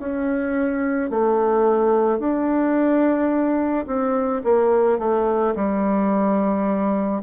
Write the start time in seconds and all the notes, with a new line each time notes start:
0.00 C#4
1.11 A3
2.20 D4
3.87 C4
4.44 A#3
4.99 A3
5.56 G3